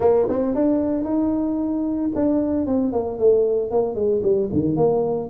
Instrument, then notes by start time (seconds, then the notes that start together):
tuba
0.00 A#3
0.28 C4
0.54 D4
1.04 D#4
2.15 D4
2.66 C4
2.92 A#3
3.18 A3
3.70 A#3
3.95 G#3
4.22 G3
4.52 D#3
4.76 A#3